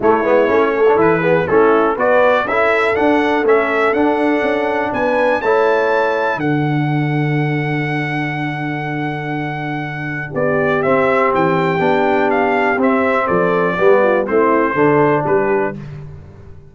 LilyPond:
<<
  \new Staff \with { instrumentName = "trumpet" } { \time 4/4 \tempo 4 = 122 cis''2 b'4 a'4 | d''4 e''4 fis''4 e''4 | fis''2 gis''4 a''4~ | a''4 fis''2.~ |
fis''1~ | fis''4 d''4 e''4 g''4~ | g''4 f''4 e''4 d''4~ | d''4 c''2 b'4 | }
  \new Staff \with { instrumentName = "horn" } { \time 4/4 e'4. a'4 gis'8 e'4 | b'4 a'2.~ | a'2 b'4 cis''4~ | cis''4 a'2.~ |
a'1~ | a'4 g'2.~ | g'2. a'4 | g'8 f'8 e'4 a'4 g'4 | }
  \new Staff \with { instrumentName = "trombone" } { \time 4/4 a8 b8 cis'8. d'16 e'8 b8 cis'4 | fis'4 e'4 d'4 cis'4 | d'2. e'4~ | e'4 d'2.~ |
d'1~ | d'2 c'2 | d'2 c'2 | b4 c'4 d'2 | }
  \new Staff \with { instrumentName = "tuba" } { \time 4/4 a8 gis8 a4 e4 a4 | b4 cis'4 d'4 a4 | d'4 cis'4 b4 a4~ | a4 d2.~ |
d1~ | d4 b4 c'4 e4 | b2 c'4 f4 | g4 a4 d4 g4 | }
>>